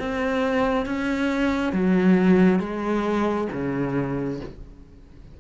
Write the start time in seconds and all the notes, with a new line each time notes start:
0.00 C4
0.86 C#4
1.73 F#3
2.60 G#3
3.53 C#3